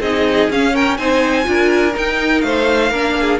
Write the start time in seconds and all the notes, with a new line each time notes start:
0.00 C4 D#4 G#4 D#5
0.50 C#4 F5
0.73 A#4 G5
0.97 C4 D#4 C5 G#5
1.43 D4 F4
1.49 A#4
1.95 D#4 G5
2.41 A3 C5 F5
2.90 A#3 D4 A#4
3.20 G#4